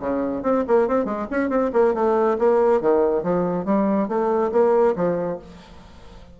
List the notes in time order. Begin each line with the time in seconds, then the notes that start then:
0.00 C#3
0.43 C4
0.67 A#3
0.88 C4
1.05 G#3
1.30 C#4
1.49 C4
1.73 A#3
1.94 A3
2.39 A#3
2.81 D#3
3.23 F3
3.65 G3
4.08 A3
4.52 A#3
4.96 F3